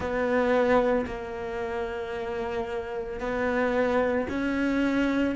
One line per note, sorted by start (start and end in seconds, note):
0.00 1.05 B3
1.06 3.19 A#3
3.19 4.27 B3
4.29 5.35 C#4